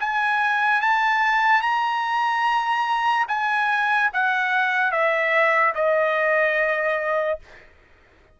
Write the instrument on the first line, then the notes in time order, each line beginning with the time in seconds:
trumpet
0.00 G#5
0.81 A5
1.61 A#5
3.28 G#5
4.13 F#5
4.91 E5
5.75 D#5